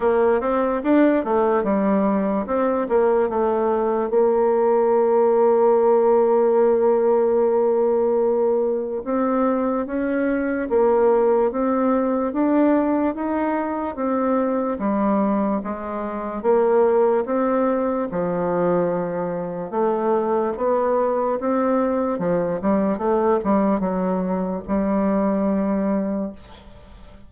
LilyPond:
\new Staff \with { instrumentName = "bassoon" } { \time 4/4 \tempo 4 = 73 ais8 c'8 d'8 a8 g4 c'8 ais8 | a4 ais2.~ | ais2. c'4 | cis'4 ais4 c'4 d'4 |
dis'4 c'4 g4 gis4 | ais4 c'4 f2 | a4 b4 c'4 f8 g8 | a8 g8 fis4 g2 | }